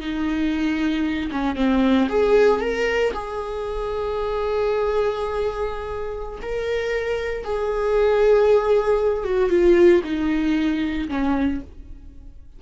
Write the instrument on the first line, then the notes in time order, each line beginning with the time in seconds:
viola
0.00 D#4
1.31 C#4
1.56 C4
2.09 G#4
2.61 A#4
3.13 G#4
6.42 A#4
7.44 G#4
9.24 F#4
9.50 F4
10.04 D#4
11.09 C#4